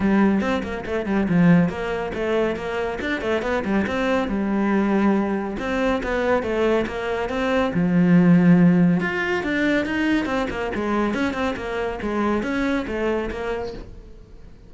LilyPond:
\new Staff \with { instrumentName = "cello" } { \time 4/4 \tempo 4 = 140 g4 c'8 ais8 a8 g8 f4 | ais4 a4 ais4 d'8 a8 | b8 g8 c'4 g2~ | g4 c'4 b4 a4 |
ais4 c'4 f2~ | f4 f'4 d'4 dis'4 | c'8 ais8 gis4 cis'8 c'8 ais4 | gis4 cis'4 a4 ais4 | }